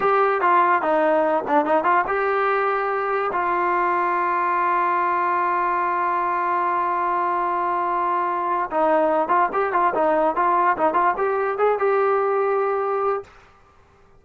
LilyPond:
\new Staff \with { instrumentName = "trombone" } { \time 4/4 \tempo 4 = 145 g'4 f'4 dis'4. d'8 | dis'8 f'8 g'2. | f'1~ | f'1~ |
f'1~ | f'4 dis'4. f'8 g'8 f'8 | dis'4 f'4 dis'8 f'8 g'4 | gis'8 g'2.~ g'8 | }